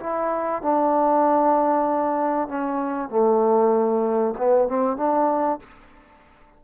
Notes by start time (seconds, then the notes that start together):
0.00 E4
0.62 D4
2.49 C#4
3.10 A3
4.38 B3
4.68 C4
4.97 D4